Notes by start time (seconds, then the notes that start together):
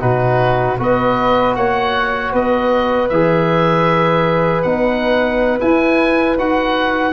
0.00 B2 D#4 F#4 B4
0.79 B3 F#4 B4 D#5
1.55 A#3 C#5 F#5
2.33 B3 B4 D#5
3.09 E3 G#4 E5
4.62 B3 D#4 F#5
5.60 E4 G#5
6.38 D#4 F#4 F#5